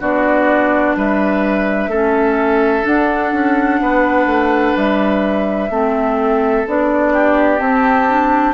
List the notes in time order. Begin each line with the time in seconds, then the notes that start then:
0.00 B3 D4 F#4 D5
0.95 G3 B4 E5
1.87 A3 C#4 A4
2.82 D4 F#5
3.33 C#4
3.80 B3 B4
4.26 A3
4.76 G3 E5
5.69 A3 C4 A4
6.67 B3 D4 D5
7.13 G4
7.58 C4 A5
8.09 D4